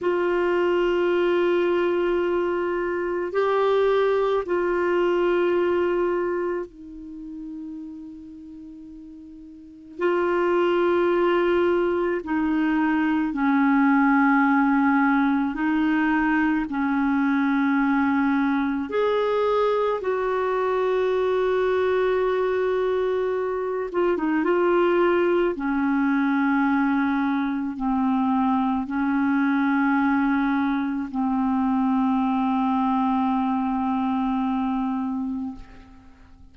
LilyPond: \new Staff \with { instrumentName = "clarinet" } { \time 4/4 \tempo 4 = 54 f'2. g'4 | f'2 dis'2~ | dis'4 f'2 dis'4 | cis'2 dis'4 cis'4~ |
cis'4 gis'4 fis'2~ | fis'4. f'16 dis'16 f'4 cis'4~ | cis'4 c'4 cis'2 | c'1 | }